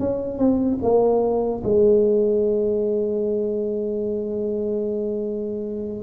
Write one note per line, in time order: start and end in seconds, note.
0.00 0.39 C#4
0.39 0.79 C4
0.83 1.63 A#3
1.64 6.04 G#3